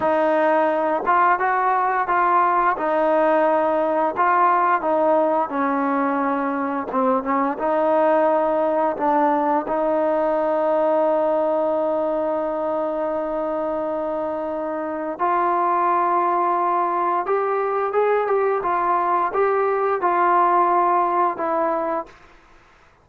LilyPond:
\new Staff \with { instrumentName = "trombone" } { \time 4/4 \tempo 4 = 87 dis'4. f'8 fis'4 f'4 | dis'2 f'4 dis'4 | cis'2 c'8 cis'8 dis'4~ | dis'4 d'4 dis'2~ |
dis'1~ | dis'2 f'2~ | f'4 g'4 gis'8 g'8 f'4 | g'4 f'2 e'4 | }